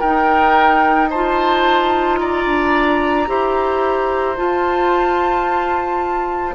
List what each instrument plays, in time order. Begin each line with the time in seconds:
0.00 bassoon D#4, clarinet D#4, oboe A#4, flute G5
1.10 clarinet F4, oboe C5, flute A5
2.20 oboe D5, flute A#5
2.46 bassoon D4
3.27 bassoon E4, clarinet G4, oboe C5
4.37 clarinet F4, bassoon F4, flute A5